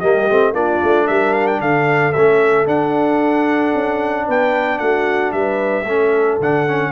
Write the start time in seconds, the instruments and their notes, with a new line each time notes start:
0.00 tuba G3, trombone A#3, horn G4, trumpet D#5
0.30 tuba A3, trombone C4
0.53 tuba A#3, trombone D4, horn F4, trumpet D5
0.83 tuba A3
1.07 tuba G3, horn A#4, trumpet E5
1.34 trumpet F5
1.47 trumpet G5
1.61 tuba D3, horn A4, trumpet F5
2.13 tuba A3, trombone C#4, trumpet E5
2.67 trombone D4, tuba D4, trumpet F#5
3.75 tuba C#4
4.27 tuba B3, horn B4, trumpet G5
4.79 tuba A3, horn F#4, trumpet F#5
5.32 tuba G3, horn B4, trumpet E5
5.84 tuba A3, trombone C#4, horn A4
6.40 tuba D3, trombone D4, trumpet F#5
6.68 trombone C#4